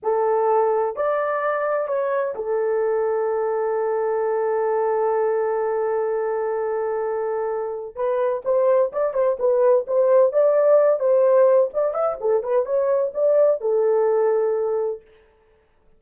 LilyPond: \new Staff \with { instrumentName = "horn" } { \time 4/4 \tempo 4 = 128 a'2 d''2 | cis''4 a'2.~ | a'1~ | a'1~ |
a'4 b'4 c''4 d''8 c''8 | b'4 c''4 d''4. c''8~ | c''4 d''8 e''8 a'8 b'8 cis''4 | d''4 a'2. | }